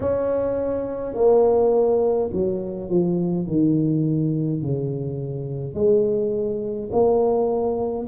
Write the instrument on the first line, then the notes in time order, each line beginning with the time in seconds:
tuba
0.00 C#4
1.14 A#3
2.32 F#3
2.89 F3
3.46 D#3
4.62 C#3
5.74 G#3
6.92 A#3